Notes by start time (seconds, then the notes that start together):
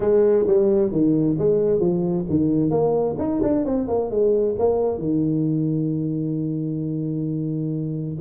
0.00 G#3
0.47 G3
0.91 D#3
1.38 G#3
1.80 F3
2.29 D#3
2.70 A#3
3.18 D#4
3.42 D4
3.65 C4
3.88 A#3
4.10 G#3
4.58 A#3
4.98 D#3